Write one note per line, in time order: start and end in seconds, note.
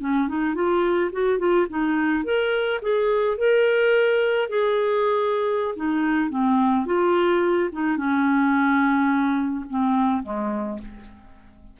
0.00 0.28 C#4
0.28 0.54 D#4
0.54 1.10 F4
1.12 1.38 F#4
1.38 1.66 F4
1.69 2.24 D#4
2.24 2.80 A#4
2.81 3.37 G#4
3.37 4.49 A#4
4.49 5.75 G#4
5.76 6.30 D#4
6.30 6.85 C4
6.85 7.69 F4
7.72 7.97 D#4
7.97 9.65 C#4
9.69 10.23 C4
10.23 10.79 G#3